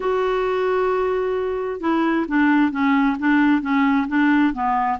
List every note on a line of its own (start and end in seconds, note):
0.00 1.80 F#4
1.80 2.26 E4
2.27 2.71 D4
2.71 3.17 C#4
3.19 3.61 D4
3.61 4.07 C#4
4.08 4.53 D4
4.53 4.99 B3